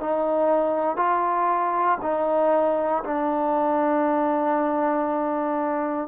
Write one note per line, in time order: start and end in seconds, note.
0.00 0.97 D#4
0.97 1.98 F4
2.02 3.04 D#4
3.04 6.08 D4